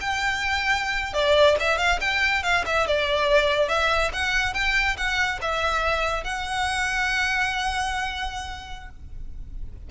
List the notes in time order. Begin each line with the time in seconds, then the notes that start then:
0.00 G5
1.13 D5
1.60 E5
1.78 F5
2.00 G5
2.43 F5
2.65 E5
2.86 D5
3.68 E5
4.13 F#5
4.54 G5
4.97 F#5
5.41 E5
6.24 F#5